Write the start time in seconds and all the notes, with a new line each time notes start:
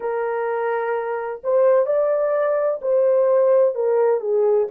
0.00 A#4
1.43 C5
1.86 D5
2.81 C5
3.74 A#4
4.20 G#4